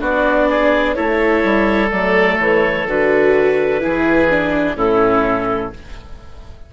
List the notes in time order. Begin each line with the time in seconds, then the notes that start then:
0.00 B3 D4 F#4 D5
0.49 G#4
0.94 A3 E4 A4 C#5
1.43 G3
1.90 F#3 A3 D5
2.38 E3 C#5
2.87 D3 F#4 B4
3.80 E3 E4 G#4
4.30 D4
4.75 A2 C#4 E4 A4